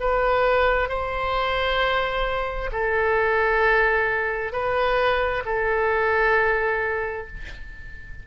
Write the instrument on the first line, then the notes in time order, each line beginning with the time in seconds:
oboe
0.00 B4
0.89 C5
2.72 A4
4.52 B4
5.45 A4